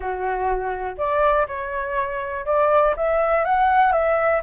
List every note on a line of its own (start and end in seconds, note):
0.00 0.96 F#4
0.97 1.46 D5
1.47 2.45 C#5
2.45 2.94 D5
2.96 3.44 E5
3.44 3.92 F#5
3.92 4.41 E5